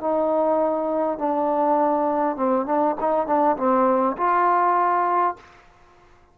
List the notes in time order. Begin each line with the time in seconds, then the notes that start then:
0.00 D#4
1.18 D4
2.36 C4
2.66 D4
3.00 D#4
3.27 D4
3.57 C4
4.17 F4